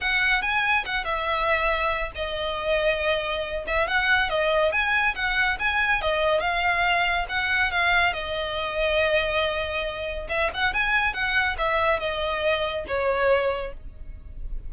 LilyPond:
\new Staff \with { instrumentName = "violin" } { \time 4/4 \tempo 4 = 140 fis''4 gis''4 fis''8 e''4.~ | e''4 dis''2.~ | dis''8 e''8 fis''4 dis''4 gis''4 | fis''4 gis''4 dis''4 f''4~ |
f''4 fis''4 f''4 dis''4~ | dis''1 | e''8 fis''8 gis''4 fis''4 e''4 | dis''2 cis''2 | }